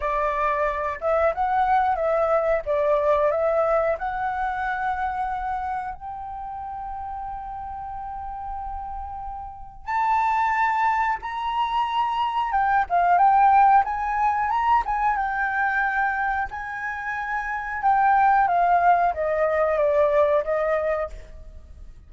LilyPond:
\new Staff \with { instrumentName = "flute" } { \time 4/4 \tempo 4 = 91 d''4. e''8 fis''4 e''4 | d''4 e''4 fis''2~ | fis''4 g''2.~ | g''2. a''4~ |
a''4 ais''2 g''8 f''8 | g''4 gis''4 ais''8 gis''8 g''4~ | g''4 gis''2 g''4 | f''4 dis''4 d''4 dis''4 | }